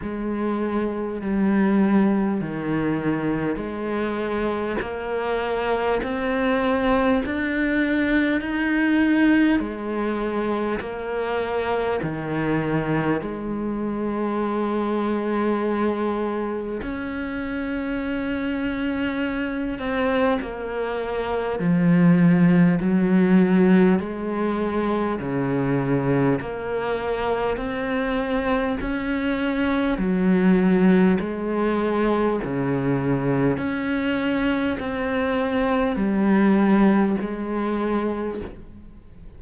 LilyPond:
\new Staff \with { instrumentName = "cello" } { \time 4/4 \tempo 4 = 50 gis4 g4 dis4 gis4 | ais4 c'4 d'4 dis'4 | gis4 ais4 dis4 gis4~ | gis2 cis'2~ |
cis'8 c'8 ais4 f4 fis4 | gis4 cis4 ais4 c'4 | cis'4 fis4 gis4 cis4 | cis'4 c'4 g4 gis4 | }